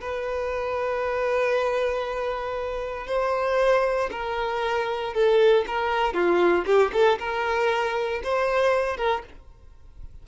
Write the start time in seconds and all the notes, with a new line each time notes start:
0.00 B4
3.07 C5
4.11 A#4
5.14 A4
5.67 A#4
6.13 F4
6.65 G4
6.93 A4
7.19 A#4
8.23 C5
8.97 A#4